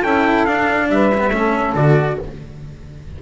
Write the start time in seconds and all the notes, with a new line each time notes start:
0.00 C#4 E4 A4 G5
0.45 D4 F5
0.89 G3 B4 E5
1.14 B3 C#4
1.29 A3 C#4 A4
1.75 D3 F#4 D5